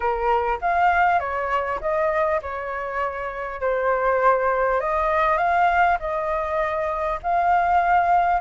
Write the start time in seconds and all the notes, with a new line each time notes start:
0.00 A#4
0.61 F5
1.19 C#5
1.81 D#5
2.42 C#5
3.60 C5
4.80 D#5
5.37 F5
5.99 D#5
7.22 F5